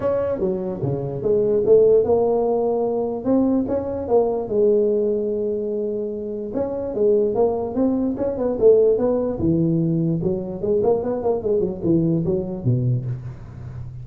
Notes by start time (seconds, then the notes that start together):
0.00 C#4
0.39 F#3
0.82 C#3
1.22 G#3
1.65 A3
2.03 A#3
3.24 C4
3.68 C#4
4.07 A#3
4.48 G#3
6.53 C#4
6.94 G#3
7.34 A#3
7.75 C4
8.17 C#4
8.37 B3
8.59 A3
8.97 B3
9.39 E3
10.22 F#3
10.61 G#3
10.83 A#3
11.03 B3
11.22 A#3
11.42 G#3
11.60 F#3
11.83 E3
12.25 F#3
12.64 B2